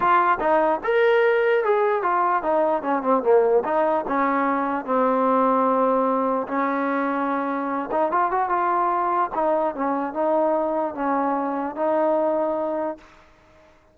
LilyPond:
\new Staff \with { instrumentName = "trombone" } { \time 4/4 \tempo 4 = 148 f'4 dis'4 ais'2 | gis'4 f'4 dis'4 cis'8 c'8 | ais4 dis'4 cis'2 | c'1 |
cis'2.~ cis'8 dis'8 | f'8 fis'8 f'2 dis'4 | cis'4 dis'2 cis'4~ | cis'4 dis'2. | }